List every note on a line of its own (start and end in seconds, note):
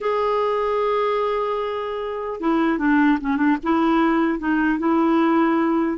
0.01 2.40 G#4
2.40 2.78 E4
2.78 3.18 D4
3.20 3.36 C#4
3.36 3.56 D4
3.63 4.38 E4
4.38 4.78 D#4
4.78 5.98 E4